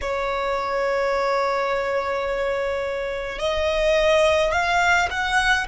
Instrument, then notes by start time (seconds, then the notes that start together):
violin
0.01 C#5
3.38 D#5
4.52 F5
5.10 F#5